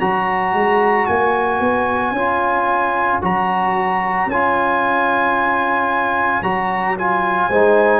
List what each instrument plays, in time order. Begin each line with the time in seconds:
0.00 tuba F#3, trombone F#4, horn C#5, trumpet A#5
0.53 tuba G#3
1.06 tuba A#3, trumpet G#5
1.60 tuba B3
2.11 tuba C#4, trombone F4
3.21 tuba F#3, trombone F#4, trumpet A#5
4.26 tuba C#4, trumpet G#5
4.32 trombone F4
6.42 tuba F#3, trombone F#4, trumpet A#5
6.97 trombone F4, trumpet G#5
7.49 tuba G#3, trombone D#4, horn C5